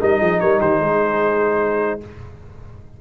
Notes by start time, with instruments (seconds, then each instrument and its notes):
0.00 tuba G3, trombone D#4, horn A#4, trumpet D#5
0.19 tuba F3, horn G#4
0.40 tuba G3, horn A#4, trumpet C#5
0.60 tuba D#3, horn G4, trumpet C5
0.79 tuba G#3, horn G#4